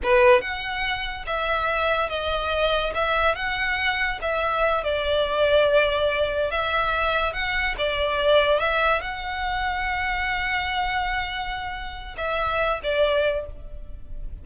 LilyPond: \new Staff \with { instrumentName = "violin" } { \time 4/4 \tempo 4 = 143 b'4 fis''2 e''4~ | e''4 dis''2 e''4 | fis''2 e''4. d''8~ | d''2.~ d''8 e''8~ |
e''4. fis''4 d''4.~ | d''8 e''4 fis''2~ fis''8~ | fis''1~ | fis''4 e''4. d''4. | }